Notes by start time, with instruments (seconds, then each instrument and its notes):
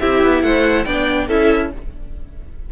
0.00 cello C4, viola E4, violin G4 E5
0.23 cello B3
0.42 cello A3, violin C5 F#5
0.84 cello B3, viola D4, violin D5 G5
1.27 cello C#4, viola E4, violin A4 E5